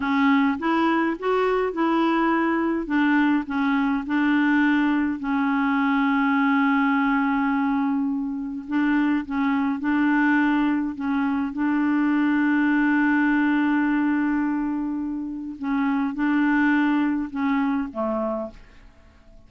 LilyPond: \new Staff \with { instrumentName = "clarinet" } { \time 4/4 \tempo 4 = 104 cis'4 e'4 fis'4 e'4~ | e'4 d'4 cis'4 d'4~ | d'4 cis'2.~ | cis'2. d'4 |
cis'4 d'2 cis'4 | d'1~ | d'2. cis'4 | d'2 cis'4 a4 | }